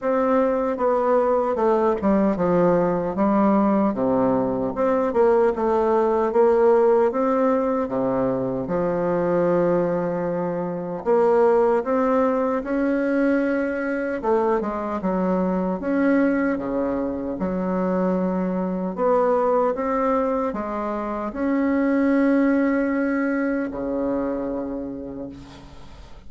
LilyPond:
\new Staff \with { instrumentName = "bassoon" } { \time 4/4 \tempo 4 = 76 c'4 b4 a8 g8 f4 | g4 c4 c'8 ais8 a4 | ais4 c'4 c4 f4~ | f2 ais4 c'4 |
cis'2 a8 gis8 fis4 | cis'4 cis4 fis2 | b4 c'4 gis4 cis'4~ | cis'2 cis2 | }